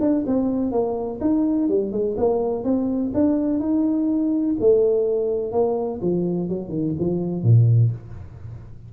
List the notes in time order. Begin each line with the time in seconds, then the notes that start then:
0.00 D4
0.26 C4
0.71 A#3
1.20 D#4
1.68 G3
1.91 G#3
2.17 A#3
2.64 C4
3.14 D4
3.59 D#4
4.59 A3
5.52 A#3
6.01 F3
6.48 F#3
6.69 D#3
6.99 F3
7.42 A#2